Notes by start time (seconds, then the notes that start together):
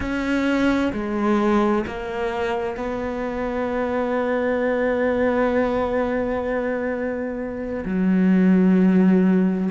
0.00 C#4
0.92 G#3
1.87 A#3
2.77 B3
7.85 F#3